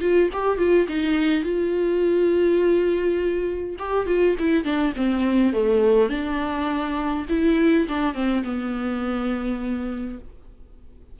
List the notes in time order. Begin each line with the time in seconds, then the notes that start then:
0.00 F4
0.33 G4
0.57 F4
0.88 D#4
1.43 F4
3.78 G4
4.06 F4
4.39 E4
4.64 D4
4.96 C4
5.53 A3
6.09 D4
7.29 E4
7.88 D4
8.14 C4
8.44 B3